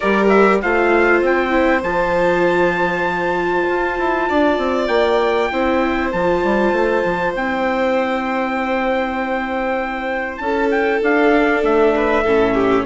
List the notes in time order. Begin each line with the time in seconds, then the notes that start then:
0.00 G3 G4 A#4 D5
0.28 E5
0.61 A3 F4 C5 F5
1.21 C4 G5
1.50 E4
1.82 F3 F4 A5
3.68 F4
3.98 E4
4.29 D4 D5
4.58 C4
4.87 A#3 G5
5.52 C4 E4 C5
6.11 F3 F4 A5
6.43 G3
6.72 A3
7.04 F3
7.34 C4 E4 G5
10.37 C#4 A4 A5
10.70 G5
11.02 D4 F5
11.32 D4
11.63 A3 E5
11.95 B4
12.23 A2 C#4 A4
12.54 G4